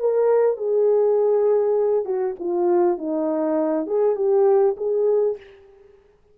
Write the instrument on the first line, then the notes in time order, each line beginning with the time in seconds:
horn
0.00 A#4
0.57 G#4
2.06 F#4
2.40 F4
2.98 D#4
3.87 G#4
4.16 G4
4.78 G#4